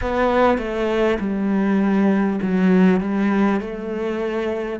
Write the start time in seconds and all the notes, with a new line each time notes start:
0.01 B3
0.57 A3
1.19 G3
2.42 F#3
3.00 G3
3.60 A3